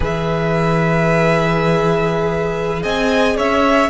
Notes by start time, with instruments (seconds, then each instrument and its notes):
0.00 cello E3, viola G#4, violin B4 E5
2.83 cello C4, violin D#5 G#5
3.36 cello C#4, violin C#5 E5